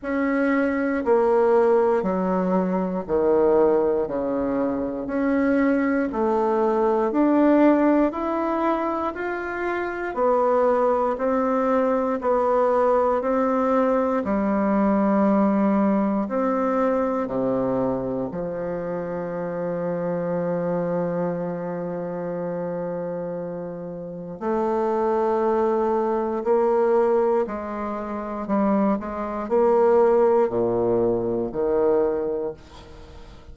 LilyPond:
\new Staff \with { instrumentName = "bassoon" } { \time 4/4 \tempo 4 = 59 cis'4 ais4 fis4 dis4 | cis4 cis'4 a4 d'4 | e'4 f'4 b4 c'4 | b4 c'4 g2 |
c'4 c4 f2~ | f1 | a2 ais4 gis4 | g8 gis8 ais4 ais,4 dis4 | }